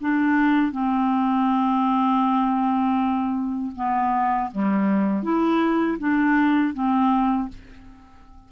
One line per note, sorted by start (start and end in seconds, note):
0.00 0.71 D4
0.71 3.71 C4
3.75 4.50 B3
4.51 5.23 G3
5.23 5.98 E4
5.98 6.73 D4
6.73 7.48 C4